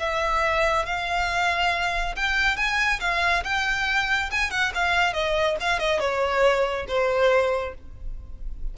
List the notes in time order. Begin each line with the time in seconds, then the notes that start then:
0.00 E5
0.87 F5
2.16 G5
2.57 G#5
3.01 F5
3.45 G5
4.31 G#5
4.51 F#5
4.75 F5
5.14 D#5
5.61 F5
5.79 D#5
6.00 C#5
6.88 C5